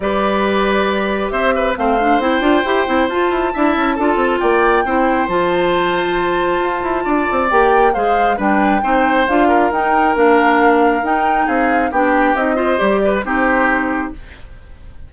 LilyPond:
<<
  \new Staff \with { instrumentName = "flute" } { \time 4/4 \tempo 4 = 136 d''2. e''4 | f''4 g''2 a''4~ | a''2 g''2 | a''1~ |
a''4 g''4 f''4 g''4~ | g''4 f''4 g''4 f''4~ | f''4 g''4 f''4 g''4 | dis''4 d''4 c''2 | }
  \new Staff \with { instrumentName = "oboe" } { \time 4/4 b'2. c''8 b'8 | c''1 | e''4 a'4 d''4 c''4~ | c''1 |
d''2 c''4 b'4 | c''4. ais'2~ ais'8~ | ais'2 gis'4 g'4~ | g'8 c''4 b'8 g'2 | }
  \new Staff \with { instrumentName = "clarinet" } { \time 4/4 g'1 | c'8 d'8 e'8 f'8 g'8 e'8 f'4 | e'4 f'2 e'4 | f'1~ |
f'4 g'4 gis'4 d'4 | dis'4 f'4 dis'4 d'4~ | d'4 dis'2 d'4 | dis'8 f'8 g'4 dis'2 | }
  \new Staff \with { instrumentName = "bassoon" } { \time 4/4 g2. c'4 | a4 c'8 d'8 e'8 c'8 f'8 e'8 | d'8 cis'8 d'8 c'8 ais4 c'4 | f2. f'8 e'8 |
d'8 c'8 ais4 gis4 g4 | c'4 d'4 dis'4 ais4~ | ais4 dis'4 c'4 b4 | c'4 g4 c'2 | }
>>